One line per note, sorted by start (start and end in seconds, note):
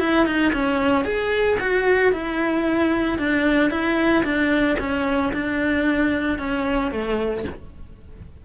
0.00 0.26 E4
0.26 0.53 D#4
0.53 1.05 C#4
1.05 1.58 G#4
1.60 2.13 F#4
2.13 3.19 E4
3.19 3.71 D4
3.71 4.24 E4
4.24 4.77 D4
4.80 5.33 C#4
5.33 6.39 D4
6.39 6.91 C#4
6.91 7.45 A3